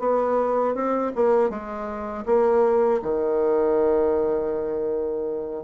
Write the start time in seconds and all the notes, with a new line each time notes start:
0.00 B3
0.75 C4
1.16 A#3
1.50 G#3
2.26 A#3
3.03 D#3